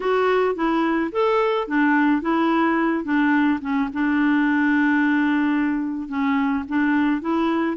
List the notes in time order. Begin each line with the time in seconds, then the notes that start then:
0.00 F#4
0.55 E4
1.11 A4
1.67 D4
2.21 E4
3.04 D4
3.61 C#4
3.93 D4
6.08 C#4
6.68 D4
7.21 E4